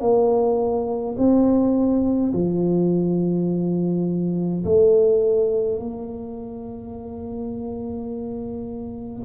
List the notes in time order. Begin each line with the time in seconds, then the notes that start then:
0.00 A#3
1.17 C4
2.33 F3
4.64 A3
5.79 A#3